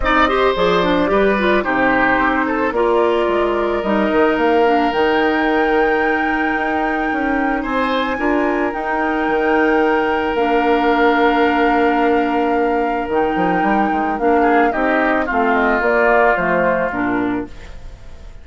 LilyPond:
<<
  \new Staff \with { instrumentName = "flute" } { \time 4/4 \tempo 4 = 110 dis''4 d''2 c''4~ | c''4 d''2 dis''4 | f''4 g''2.~ | g''2 gis''2 |
g''2. f''4~ | f''1 | g''2 f''4 dis''4 | f''8 dis''8 d''4 c''4 ais'4 | }
  \new Staff \with { instrumentName = "oboe" } { \time 4/4 d''8 c''4. b'4 g'4~ | g'8 a'8 ais'2.~ | ais'1~ | ais'2 c''4 ais'4~ |
ais'1~ | ais'1~ | ais'2~ ais'8 gis'8 g'4 | f'1 | }
  \new Staff \with { instrumentName = "clarinet" } { \time 4/4 dis'8 g'8 gis'8 d'8 g'8 f'8 dis'4~ | dis'4 f'2 dis'4~ | dis'8 d'8 dis'2.~ | dis'2. f'4 |
dis'2. d'4~ | d'1 | dis'2 d'4 dis'4 | c'4 ais4 a4 d'4 | }
  \new Staff \with { instrumentName = "bassoon" } { \time 4/4 c'4 f4 g4 c4 | c'4 ais4 gis4 g8 dis8 | ais4 dis2. | dis'4 cis'4 c'4 d'4 |
dis'4 dis2 ais4~ | ais1 | dis8 f8 g8 gis8 ais4 c'4 | a4 ais4 f4 ais,4 | }
>>